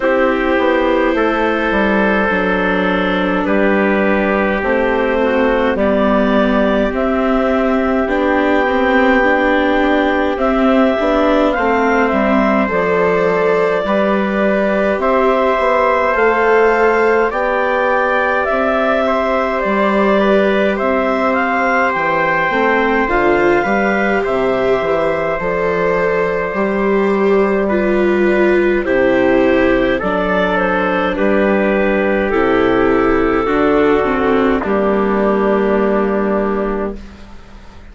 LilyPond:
<<
  \new Staff \with { instrumentName = "clarinet" } { \time 4/4 \tempo 4 = 52 c''2. b'4 | c''4 d''4 e''4 g''4~ | g''4 e''4 f''8 e''8 d''4~ | d''4 e''4 f''4 g''4 |
e''4 d''4 e''8 f''8 g''4 | f''4 e''4 d''2~ | d''4 c''4 d''8 c''8 b'4 | a'2 g'2 | }
  \new Staff \with { instrumentName = "trumpet" } { \time 4/4 g'4 a'2 g'4~ | g'8 fis'8 g'2.~ | g'2 c''2 | b'4 c''2 d''4~ |
d''8 c''4 b'8 c''2~ | c''8 b'8 c''2. | b'4 g'4 a'4 g'4~ | g'4 fis'4 d'2 | }
  \new Staff \with { instrumentName = "viola" } { \time 4/4 e'2 d'2 | c'4 b4 c'4 d'8 c'8 | d'4 c'8 d'8 c'4 a'4 | g'2 a'4 g'4~ |
g'2.~ g'8 c'8 | f'8 g'4. a'4 g'4 | f'4 e'4 d'2 | e'4 d'8 c'8 ais2 | }
  \new Staff \with { instrumentName = "bassoon" } { \time 4/4 c'8 b8 a8 g8 fis4 g4 | a4 g4 c'4 b4~ | b4 c'8 b8 a8 g8 f4 | g4 c'8 b8 a4 b4 |
c'4 g4 c'4 e8 a8 | d8 g8 c8 e8 f4 g4~ | g4 c4 fis4 g4 | c4 d4 g2 | }
>>